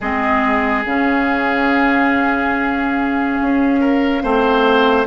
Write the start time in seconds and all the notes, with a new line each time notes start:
0.00 G#3 C4 G#4 D#5
0.84 C#3 C#4 F5
3.41 C#4
3.80 A#4
4.21 A3 C4 C5